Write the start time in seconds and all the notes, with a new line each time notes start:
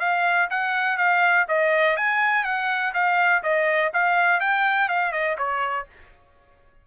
0.00 F5
0.50 F#5
0.98 F5
1.48 D#5
1.97 G#5
2.44 F#5
2.94 F5
3.43 D#5
3.93 F5
4.40 G5
4.88 F5
5.12 D#5
5.38 C#5